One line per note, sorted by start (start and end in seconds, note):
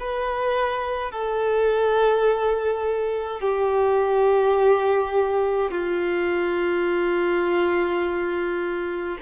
0.00 1.12 B4
1.12 3.41 A4
3.41 5.71 G4
5.71 9.17 F4